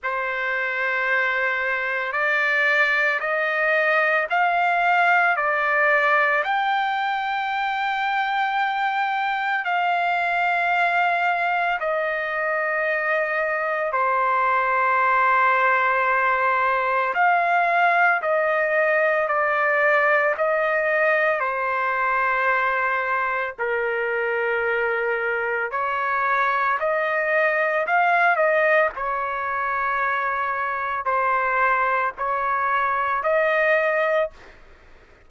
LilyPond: \new Staff \with { instrumentName = "trumpet" } { \time 4/4 \tempo 4 = 56 c''2 d''4 dis''4 | f''4 d''4 g''2~ | g''4 f''2 dis''4~ | dis''4 c''2. |
f''4 dis''4 d''4 dis''4 | c''2 ais'2 | cis''4 dis''4 f''8 dis''8 cis''4~ | cis''4 c''4 cis''4 dis''4 | }